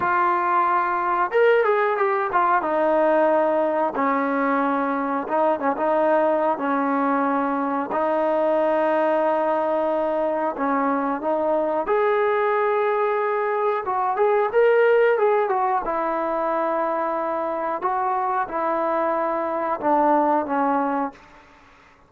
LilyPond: \new Staff \with { instrumentName = "trombone" } { \time 4/4 \tempo 4 = 91 f'2 ais'8 gis'8 g'8 f'8 | dis'2 cis'2 | dis'8 cis'16 dis'4~ dis'16 cis'2 | dis'1 |
cis'4 dis'4 gis'2~ | gis'4 fis'8 gis'8 ais'4 gis'8 fis'8 | e'2. fis'4 | e'2 d'4 cis'4 | }